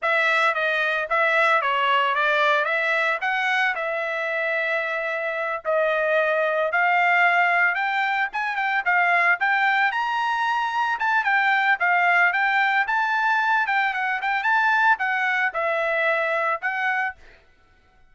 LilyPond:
\new Staff \with { instrumentName = "trumpet" } { \time 4/4 \tempo 4 = 112 e''4 dis''4 e''4 cis''4 | d''4 e''4 fis''4 e''4~ | e''2~ e''8 dis''4.~ | dis''8 f''2 g''4 gis''8 |
g''8 f''4 g''4 ais''4.~ | ais''8 a''8 g''4 f''4 g''4 | a''4. g''8 fis''8 g''8 a''4 | fis''4 e''2 fis''4 | }